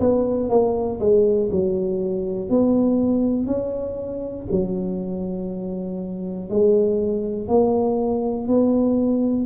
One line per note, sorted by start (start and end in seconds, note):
0.00 0.50 B3
0.50 1.00 A#3
1.00 1.50 G#3
1.51 2.49 F#3
2.49 3.46 B3
3.46 4.46 C#4
4.51 6.50 F#3
6.50 7.48 G#3
7.48 8.48 A#3
8.48 9.46 B3